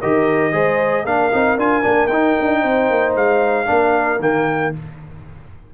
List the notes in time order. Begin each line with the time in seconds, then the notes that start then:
0.00 D#3 G4 A#4 D#5
0.52 G#3 G#4 C5
1.04 A#3 D4 A#4 F5
1.31 C4 D#4
1.57 D4 F4 G#5
1.82 A#3 D4
2.07 D#4 G5
2.40 D4
2.60 C4 C5
2.90 A#3
3.15 G#3 F5
3.66 A#3 D4 A#4
4.19 D#3 A#3 G5